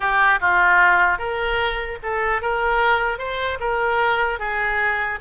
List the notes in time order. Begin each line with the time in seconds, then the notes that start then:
0.00 G4
0.40 F4
1.18 A#4
2.02 A4
2.41 A#4
3.18 C5
3.59 A#4
4.39 G#4